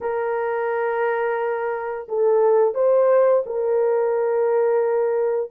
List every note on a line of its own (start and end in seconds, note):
0.00 2.07 A#4
2.08 2.74 A4
2.74 3.43 C5
3.45 5.50 A#4